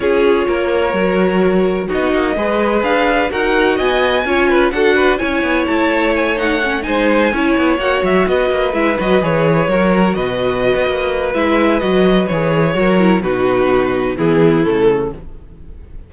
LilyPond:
<<
  \new Staff \with { instrumentName = "violin" } { \time 4/4 \tempo 4 = 127 cis''1 | dis''2 f''4 fis''4 | gis''2 fis''4 gis''4 | a''4 gis''8 fis''4 gis''4.~ |
gis''8 fis''8 e''8 dis''4 e''8 dis''8 cis''8~ | cis''4. dis''2~ dis''8 | e''4 dis''4 cis''2 | b'2 gis'4 a'4 | }
  \new Staff \with { instrumentName = "violin" } { \time 4/4 gis'4 ais'2. | fis'4 b'2 ais'4 | dis''4 cis''8 b'8 a'8 b'8 cis''4~ | cis''2~ cis''8 c''4 cis''8~ |
cis''4. b'2~ b'8~ | b'8 ais'4 b'2~ b'8~ | b'2. ais'4 | fis'2 e'2 | }
  \new Staff \with { instrumentName = "viola" } { \time 4/4 f'2 fis'2 | dis'4 gis'2 fis'4~ | fis'4 f'4 fis'4 e'4~ | e'4. dis'8 cis'8 dis'4 e'8~ |
e'8 fis'2 e'8 fis'8 gis'8~ | gis'8 fis'2.~ fis'8 | e'4 fis'4 gis'4 fis'8 e'8 | dis'2 b4 a4 | }
  \new Staff \with { instrumentName = "cello" } { \time 4/4 cis'4 ais4 fis2 | b8 ais8 gis4 d'4 dis'4 | b4 cis'4 d'4 cis'8 b8 | a2~ a8 gis4 cis'8 |
b8 ais8 fis8 b8 ais8 gis8 fis8 e8~ | e8 fis4 b,4~ b,16 b16 ais4 | gis4 fis4 e4 fis4 | b,2 e4 cis4 | }
>>